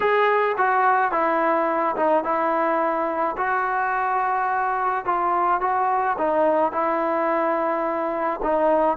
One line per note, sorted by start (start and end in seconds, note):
0.00 0.56 G#4
0.57 1.11 F#4
1.11 1.95 E4
1.96 2.24 D#4
2.24 3.36 E4
3.37 5.05 F#4
5.05 5.60 F4
5.60 6.16 F#4
6.18 6.72 D#4
6.72 8.40 E4
8.42 8.97 D#4